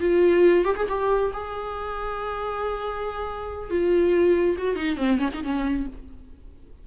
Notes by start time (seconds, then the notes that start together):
0.00 F4
0.65 G4
0.76 G#4
0.88 G4
1.33 G#4
3.70 F4
4.58 F#4
4.76 D#4
4.97 C4
5.18 C#4
5.33 D#4
5.43 C#4